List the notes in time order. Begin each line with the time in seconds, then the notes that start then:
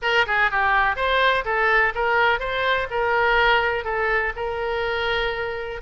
0.01 A#4
0.26 G#4
0.50 G4
0.96 C5
1.45 A4
1.94 A#4
2.39 C5
2.90 A#4
3.84 A4
4.36 A#4